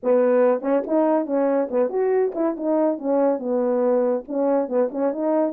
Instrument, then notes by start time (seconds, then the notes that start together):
horn
0.03 B3
0.61 C#4
0.86 D#4
1.26 C#4
1.70 B3
1.89 F#4
2.34 E4
2.56 D#4
2.98 C#4
3.38 B3
4.28 C#4
4.68 B3
4.91 C#4
5.12 D#4